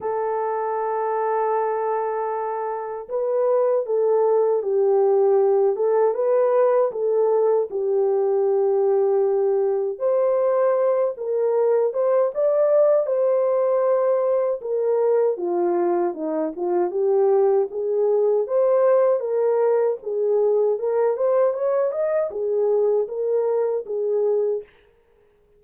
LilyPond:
\new Staff \with { instrumentName = "horn" } { \time 4/4 \tempo 4 = 78 a'1 | b'4 a'4 g'4. a'8 | b'4 a'4 g'2~ | g'4 c''4. ais'4 c''8 |
d''4 c''2 ais'4 | f'4 dis'8 f'8 g'4 gis'4 | c''4 ais'4 gis'4 ais'8 c''8 | cis''8 dis''8 gis'4 ais'4 gis'4 | }